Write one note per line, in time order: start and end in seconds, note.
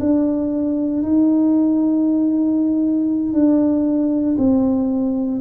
0.00 1.03 D4
1.03 3.33 D#4
3.33 4.36 D4
4.38 5.41 C4